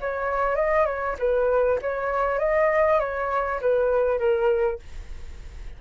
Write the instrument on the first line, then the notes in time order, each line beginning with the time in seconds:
flute
0.00 C#5
0.55 D#5
0.85 C#5
1.18 B4
1.82 C#5
2.39 D#5
2.99 C#5
3.61 B4
4.18 A#4